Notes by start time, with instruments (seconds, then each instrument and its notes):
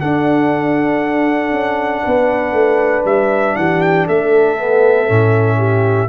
0.00 trombone D4, tuba D4, horn A4, trumpet F#5
1.51 tuba C#4
2.04 tuba B3, horn B4
2.52 tuba A3
3.05 tuba G3, trumpet E5
3.56 tuba E3, horn G4, trumpet F#5
3.81 trumpet G5
4.07 tuba A3, horn A4, trumpet E5
4.58 trombone B3
5.07 tuba A2, trombone C#4
5.57 horn G4